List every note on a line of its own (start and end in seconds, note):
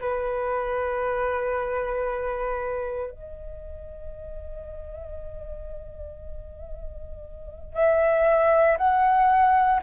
0.00 3.10 B4
3.11 7.74 D#5
7.74 8.77 E5
8.77 9.81 F#5